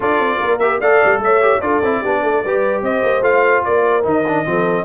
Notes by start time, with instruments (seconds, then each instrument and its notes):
0.00 tuba D4, trombone F4, horn A4, trumpet D5
0.19 tuba C4
0.41 tuba A#3, horn A#4
0.59 trombone G4, trumpet E5
0.80 tuba A3, trombone A4, horn D5, trumpet F5
1.04 tuba G3
1.18 tuba A3, horn C#5, trumpet E5
1.41 trombone G4
1.60 tuba D4, trombone F4, horn A4, trumpet D5
1.82 tuba C4, trombone E4
2.01 tuba B3, trombone D4, horn G4
2.22 tuba A3, horn A4
2.43 tuba G3, trombone G4, horn B4
2.82 tuba C4, horn C5, trumpet D#5
3.03 tuba A#3
3.21 tuba A3, trombone F4, trumpet F5
3.64 tuba A#3, horn A#4, trumpet D5
4.02 tuba D#3, trombone D#4, trumpet D#5
4.27 trombone D4
4.45 tuba F3, trombone C4, horn A4